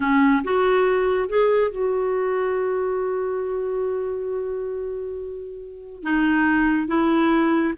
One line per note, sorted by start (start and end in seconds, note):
0.00 0.42 C#4
0.44 1.29 F#4
1.29 1.71 G#4
1.71 6.03 F#4
6.03 6.87 D#4
6.87 7.73 E4